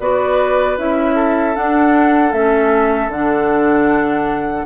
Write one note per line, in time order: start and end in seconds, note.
0.00 0.78 B3
0.00 0.78 F#4
0.00 1.16 B4
0.00 0.78 D5
0.78 1.56 C#4
0.78 1.55 E4
0.78 1.56 E5
1.16 4.66 A4
1.55 2.33 D4
1.55 2.33 F#5
2.33 3.08 A3
2.33 3.11 C#4
2.33 3.11 E5
3.08 4.64 D3
3.08 4.66 D4
3.08 4.66 F#5